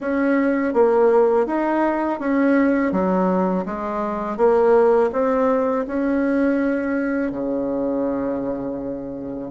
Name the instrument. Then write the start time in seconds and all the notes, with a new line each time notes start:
bassoon
0.00 C#4
0.73 A#3
1.46 D#4
2.19 C#4
2.91 F#3
3.66 G#3
4.37 A#3
5.12 C4
5.87 C#4
7.31 C#3